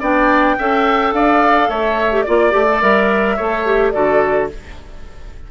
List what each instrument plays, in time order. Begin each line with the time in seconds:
0.00 bassoon B3, clarinet D4, oboe D5, flute G5
0.58 bassoon C#4, clarinet A4, oboe E5
1.13 bassoon D4, oboe D5, flute F5
1.69 bassoon A3, oboe C#5, flute E5
2.12 clarinet G4
2.22 bassoon A#3, clarinet F4, flute D5, oboe D5
2.51 bassoon A3, clarinet G4
2.69 clarinet A4
2.81 bassoon G3, clarinet A#4, flute E5
3.36 bassoon A3, clarinet A4, oboe C#5
3.66 clarinet G4
3.91 bassoon D3, clarinet F#4, oboe A4, flute D5